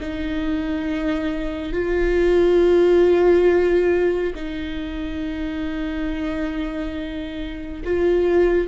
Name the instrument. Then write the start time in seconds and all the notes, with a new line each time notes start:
viola
0.00 D#4
1.72 F4
4.35 D#4
7.84 F4